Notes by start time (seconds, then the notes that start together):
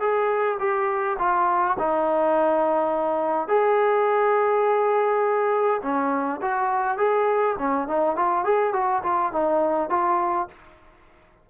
0.00 G#4
0.59 G4
1.19 F4
1.79 D#4
3.48 G#4
5.82 C#4
6.42 F#4
6.98 G#4
7.59 C#4
7.88 D#4
8.16 F4
8.45 G#4
8.73 F#4
9.03 F4
9.32 D#4
9.90 F4